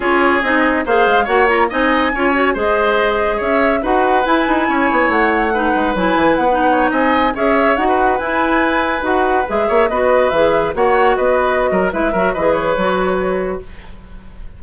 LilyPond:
<<
  \new Staff \with { instrumentName = "flute" } { \time 4/4 \tempo 4 = 141 cis''4 dis''4 f''4 fis''8 ais''8 | gis''2 dis''2 | e''4 fis''4 gis''2 | fis''2 gis''4 fis''4~ |
fis''16 gis''4 e''4 fis''4 gis''8.~ | gis''4~ gis''16 fis''4 e''4 dis''8.~ | dis''16 e''4 fis''4 dis''4.~ dis''16 | e''4 dis''8 cis''2~ cis''8 | }
  \new Staff \with { instrumentName = "oboe" } { \time 4/4 gis'2 c''4 cis''4 | dis''4 cis''4 c''2 | cis''4 b'2 cis''4~ | cis''4 b'2~ b'8. cis''16~ |
cis''16 dis''4 cis''4~ cis''16 b'4.~ | b'2~ b'8. cis''8 b'8.~ | b'4~ b'16 cis''4 b'4~ b'16 ais'8 | b'8 ais'8 b'2. | }
  \new Staff \with { instrumentName = "clarinet" } { \time 4/4 f'4 dis'4 gis'4 fis'8 f'8 | dis'4 f'8 fis'8 gis'2~ | gis'4 fis'4 e'2~ | e'4 dis'4 e'4~ e'16 dis'8.~ |
dis'4~ dis'16 gis'4 fis'4 e'8.~ | e'4~ e'16 fis'4 gis'4 fis'8.~ | fis'16 gis'4 fis'2~ fis'8. | e'8 fis'8 gis'4 fis'2 | }
  \new Staff \with { instrumentName = "bassoon" } { \time 4/4 cis'4 c'4 ais8 gis8 ais4 | c'4 cis'4 gis2 | cis'4 dis'4 e'8 dis'8 cis'8 b8 | a4. gis8 fis8 e8 b4~ |
b16 c'4 cis'4 dis'4 e'8.~ | e'4~ e'16 dis'4 gis8 ais8 b8.~ | b16 e4 ais4 b4~ b16 fis8 | gis8 fis8 e4 fis2 | }
>>